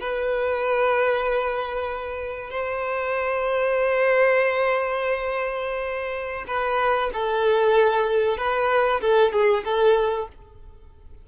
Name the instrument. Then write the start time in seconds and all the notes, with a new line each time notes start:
violin
0.00 B4
2.50 C5
6.47 B4
7.13 A4
8.37 B4
9.01 A4
9.32 G#4
9.65 A4